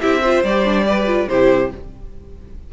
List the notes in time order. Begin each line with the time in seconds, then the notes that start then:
0.00 C4 E4 G4 E5
0.21 F4 C5
0.43 G3 G4 D5
0.65 D4
0.85 G4 B4
1.06 F4
1.28 C3 E4 G4 C5